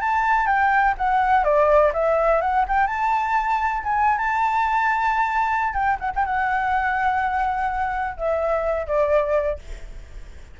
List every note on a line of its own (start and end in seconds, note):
0.00 0.46 A5
0.46 0.94 G5
0.97 1.44 F#5
1.44 1.92 D5
1.93 2.41 E5
2.41 2.65 F#5
2.67 2.87 G5
2.87 3.83 A5
3.83 4.18 G#5
4.18 5.73 A5
5.73 5.97 G5
5.99 6.11 F#5
6.15 6.25 G5
6.25 8.17 F#5
8.17 8.86 E5
8.86 9.58 D5